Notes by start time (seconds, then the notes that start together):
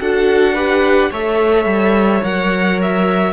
0.00 D4 F#4 A4 F#5
0.54 G4 B4
1.10 A3 A4 C#5 E5
1.65 G3
2.22 F#3 A#4 F#5
2.82 E5